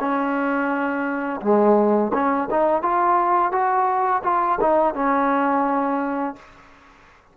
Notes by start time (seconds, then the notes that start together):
0.00 C#4
1.41 G#3
2.14 C#4
2.51 D#4
2.82 F4
3.52 F#4
4.24 F4
4.61 D#4
4.95 C#4